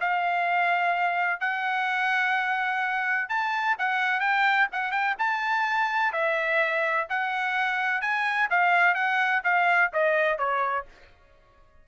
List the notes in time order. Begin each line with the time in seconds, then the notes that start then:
0.00 F5
1.40 F#5
3.29 A5
3.78 F#5
4.20 G5
4.72 F#5
4.91 G5
5.18 A5
6.12 E5
7.09 F#5
8.01 G#5
8.50 F5
8.94 F#5
9.43 F5
9.93 D#5
10.38 C#5